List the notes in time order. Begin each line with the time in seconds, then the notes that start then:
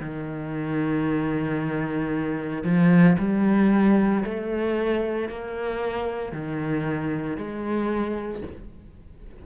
0.00 D#3
2.64 F3
3.18 G3
4.24 A3
5.29 A#3
6.32 D#3
7.37 G#3